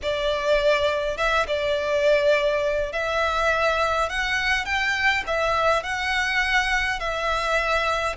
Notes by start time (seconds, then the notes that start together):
0.02 D5
1.17 E5
1.47 D5
2.92 E5
4.09 F#5
4.65 G5
5.26 E5
5.83 F#5
6.99 E5